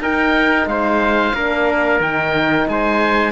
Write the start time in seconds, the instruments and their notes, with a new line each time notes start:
0.00 cello D#4, horn D#4, trumpet A#4, oboe G5
0.67 cello G#3, trumpet C5, oboe F5
1.34 cello A#3, horn D4, trumpet A#4
2.01 cello D#3, horn D#4, oboe G5
2.69 cello G#3, trumpet C5, oboe G#5